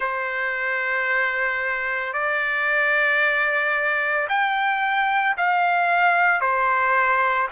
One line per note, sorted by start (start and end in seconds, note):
0.00 2.13 C5
2.13 4.27 D5
4.29 5.36 G5
5.37 6.40 F5
6.40 7.48 C5